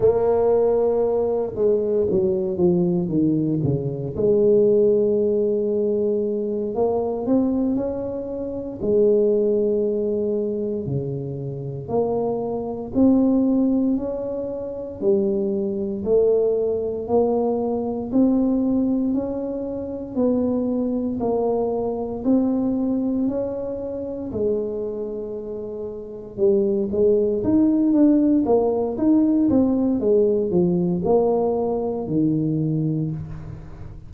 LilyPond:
\new Staff \with { instrumentName = "tuba" } { \time 4/4 \tempo 4 = 58 ais4. gis8 fis8 f8 dis8 cis8 | gis2~ gis8 ais8 c'8 cis'8~ | cis'8 gis2 cis4 ais8~ | ais8 c'4 cis'4 g4 a8~ |
a8 ais4 c'4 cis'4 b8~ | b8 ais4 c'4 cis'4 gis8~ | gis4. g8 gis8 dis'8 d'8 ais8 | dis'8 c'8 gis8 f8 ais4 dis4 | }